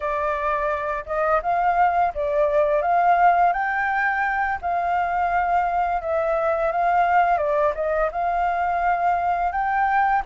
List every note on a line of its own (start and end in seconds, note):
0.00 1.04 D5
1.06 1.41 D#5
1.42 2.13 F5
2.14 2.82 D5
2.82 3.52 F5
3.52 4.58 G5
4.61 6.01 F5
6.01 6.72 E5
6.72 7.37 F5
7.37 7.73 D5
7.74 8.10 D#5
8.11 9.51 F5
9.51 10.22 G5